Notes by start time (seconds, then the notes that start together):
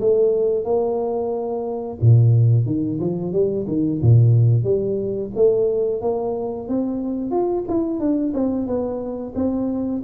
0.00 A3
0.65 A#3
2.01 A#2
2.66 D#3
3.00 F3
3.32 G3
3.68 D#3
4.02 A#2
4.64 G3
5.35 A3
6.02 A#3
6.68 C4
7.31 F4
7.68 E4
8.00 D4
8.34 C4
8.67 B3
9.35 C4